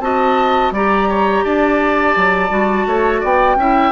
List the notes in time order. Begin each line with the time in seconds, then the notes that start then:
0.00 C4 F#4 D#5 A5
0.71 G3 G4 D5 A#5
1.09 C#5
1.45 D4 D5 A5
2.17 F#3
2.50 G3 F#4
2.87 A3 C#5
3.21 B3 D5 G5
3.56 C#4 E4 E5